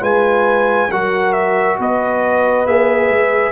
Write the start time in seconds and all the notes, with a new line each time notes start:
0.00 G#3 F4 B4 G#5
0.91 F#3 F#4 A#4 F#5
1.32 E5
1.78 B3 B4 D#5
2.66 A#3 G#4 E5
3.09 G#3